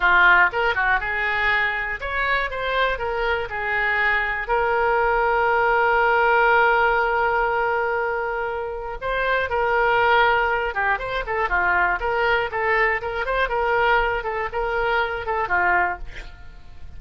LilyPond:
\new Staff \with { instrumentName = "oboe" } { \time 4/4 \tempo 4 = 120 f'4 ais'8 fis'8 gis'2 | cis''4 c''4 ais'4 gis'4~ | gis'4 ais'2.~ | ais'1~ |
ais'2 c''4 ais'4~ | ais'4. g'8 c''8 a'8 f'4 | ais'4 a'4 ais'8 c''8 ais'4~ | ais'8 a'8 ais'4. a'8 f'4 | }